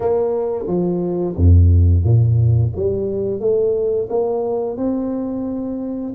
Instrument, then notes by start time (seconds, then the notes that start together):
tuba
0.00 A#3
0.67 F3
1.36 F2
2.04 A#2
2.75 G3
3.40 A3
4.09 A#3
4.77 C4